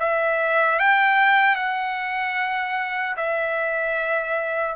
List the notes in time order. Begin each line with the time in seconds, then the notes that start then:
0.00 E5
0.79 G5
1.56 F#5
3.17 E5